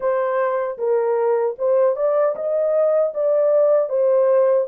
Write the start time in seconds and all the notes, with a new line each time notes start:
0.00 C5
0.78 A#4
1.58 C5
1.96 D5
2.35 D#5
3.14 D5
3.89 C5